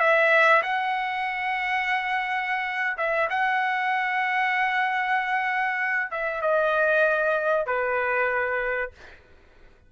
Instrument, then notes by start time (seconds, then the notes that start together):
trumpet
0.00 E5
0.63 F#5
2.98 E5
3.30 F#5
6.11 E5
6.42 D#5
7.66 B4